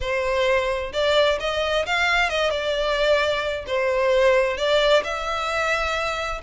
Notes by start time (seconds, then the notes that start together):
0.00 C5
0.92 D5
1.39 D#5
1.85 F5
2.29 D#5
2.50 D5
3.66 C5
4.57 D5
5.04 E5